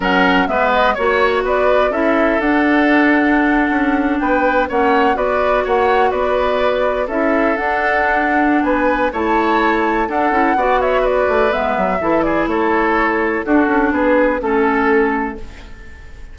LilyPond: <<
  \new Staff \with { instrumentName = "flute" } { \time 4/4 \tempo 4 = 125 fis''4 e''8 dis''8 cis''4 d''4 | e''4 fis''2.~ | fis''8. g''4 fis''4 d''4 fis''16~ | fis''8. d''2 e''4 fis''16~ |
fis''2 gis''4 a''4~ | a''4 fis''4. e''8 d''4 | e''4. d''8 cis''2 | a'4 b'4 a'2 | }
  \new Staff \with { instrumentName = "oboe" } { \time 4/4 ais'4 b'4 cis''4 b'4 | a'1~ | a'8. b'4 cis''4 b'4 cis''16~ | cis''8. b'2 a'4~ a'16~ |
a'2 b'4 cis''4~ | cis''4 a'4 d''8 cis''8 b'4~ | b'4 a'8 gis'8 a'2 | fis'4 gis'4 a'2 | }
  \new Staff \with { instrumentName = "clarinet" } { \time 4/4 cis'4 b4 fis'2 | e'4 d'2.~ | d'4.~ d'16 cis'4 fis'4~ fis'16~ | fis'2~ fis'8. e'4 d'16~ |
d'2. e'4~ | e'4 d'8 e'8 fis'2 | b4 e'2. | d'2 cis'2 | }
  \new Staff \with { instrumentName = "bassoon" } { \time 4/4 fis4 gis4 ais4 b4 | cis'4 d'2~ d'8. cis'16~ | cis'8. b4 ais4 b4 ais16~ | ais8. b2 cis'4 d'16~ |
d'2 b4 a4~ | a4 d'8 cis'8 b4. a8 | gis8 fis8 e4 a2 | d'8 cis'8 b4 a2 | }
>>